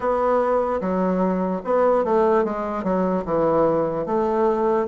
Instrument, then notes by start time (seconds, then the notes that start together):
bassoon
0.00 B3
0.80 F#3
1.64 B3
2.04 A3
2.44 G#3
2.83 F#3
3.25 E3
4.06 A3